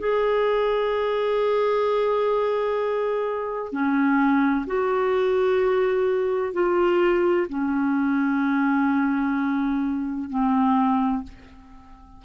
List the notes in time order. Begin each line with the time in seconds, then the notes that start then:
0.00 G#4
3.72 C#4
4.67 F#4
6.54 F4
7.49 C#4
10.30 C4